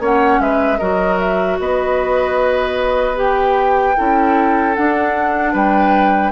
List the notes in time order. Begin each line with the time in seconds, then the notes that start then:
0.00 A#3 C#4 C#5 F#5
0.40 G#3 B4 E5
0.78 F#3 F#4 A#4 D#5
1.19 E5
1.60 B3 B4 D#5
3.16 G4 G5
3.97 C#4 E4 A4
4.75 D4 F#5
5.53 G3 B4 G5